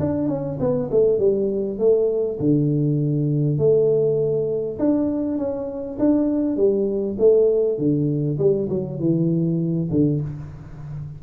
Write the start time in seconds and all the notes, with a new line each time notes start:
0.00 D4
0.28 C#4
0.60 B3
0.91 A3
1.19 G3
1.79 A3
2.40 D3
3.58 A3
4.79 D4
5.38 C#4
5.99 D4
6.57 G3
7.19 A3
7.78 D3
8.39 G3
8.70 F#3
9.00 E3
9.91 D3